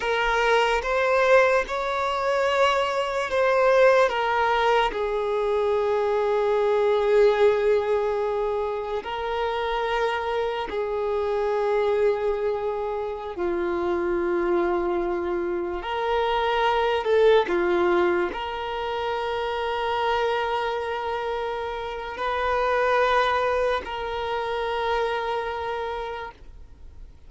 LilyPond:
\new Staff \with { instrumentName = "violin" } { \time 4/4 \tempo 4 = 73 ais'4 c''4 cis''2 | c''4 ais'4 gis'2~ | gis'2. ais'4~ | ais'4 gis'2.~ |
gis'16 f'2. ais'8.~ | ais'8. a'8 f'4 ais'4.~ ais'16~ | ais'2. b'4~ | b'4 ais'2. | }